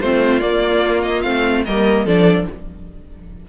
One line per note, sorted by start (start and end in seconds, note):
0.00 0.42 A3
0.00 0.41 C4
0.00 1.65 F4
0.00 0.40 C5
0.40 1.24 A#3
0.40 1.25 A#3
0.40 1.02 D5
1.02 1.22 D#5
1.22 1.66 A3
1.22 1.65 C4
1.22 1.63 F5
1.65 2.05 G3
1.65 2.07 A#3
1.65 2.05 A#4
1.65 2.07 D#5
2.05 2.47 F3
2.05 2.48 D4
2.05 2.46 A4
2.05 2.49 D5